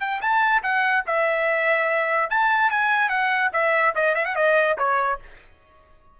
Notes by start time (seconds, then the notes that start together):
0.00 G5
0.21 A5
0.63 F#5
1.06 E5
2.30 A5
2.70 G#5
3.09 F#5
3.53 E5
3.95 D#5
4.15 E5
4.25 F#5
4.35 D#5
4.78 C#5